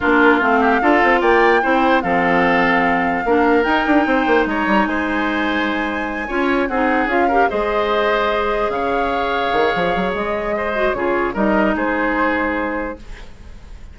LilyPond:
<<
  \new Staff \with { instrumentName = "flute" } { \time 4/4 \tempo 4 = 148 ais'4 f''2 g''4~ | g''4 f''2.~ | f''4 g''2 ais''4 | gis''1~ |
gis''8 fis''4 f''4 dis''4.~ | dis''4. f''2~ f''8~ | f''4 dis''2 cis''4 | dis''4 c''2. | }
  \new Staff \with { instrumentName = "oboe" } { \time 4/4 f'4. g'8 a'4 d''4 | c''4 a'2. | ais'2 c''4 cis''4 | c''2.~ c''8 cis''8~ |
cis''8 gis'4. ais'8 c''4.~ | c''4. cis''2~ cis''8~ | cis''2 c''4 gis'4 | ais'4 gis'2. | }
  \new Staff \with { instrumentName = "clarinet" } { \time 4/4 d'4 c'4 f'2 | e'4 c'2. | d'4 dis'2.~ | dis'2.~ dis'8 f'8~ |
f'8 dis'4 f'8 g'8 gis'4.~ | gis'1~ | gis'2~ gis'8 fis'8 f'4 | dis'1 | }
  \new Staff \with { instrumentName = "bassoon" } { \time 4/4 ais4 a4 d'8 c'8 ais4 | c'4 f2. | ais4 dis'8 d'8 c'8 ais8 gis8 g8 | gis2.~ gis8 cis'8~ |
cis'8 c'4 cis'4 gis4.~ | gis4. cis2 dis8 | f8 fis8 gis2 cis4 | g4 gis2. | }
>>